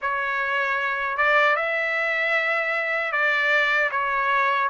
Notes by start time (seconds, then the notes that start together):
0.01 C#5
1.17 D5
1.56 E5
3.12 D5
3.91 C#5